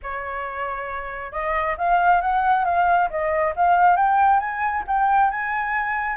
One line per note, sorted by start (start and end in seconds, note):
0.03 1.31 C#5
1.31 1.75 D#5
1.77 2.21 F5
2.21 2.65 F#5
2.65 3.09 F5
3.10 3.54 D#5
3.56 3.96 F5
3.96 4.39 G5
4.39 4.83 G#5
4.87 5.30 G5
5.30 6.16 G#5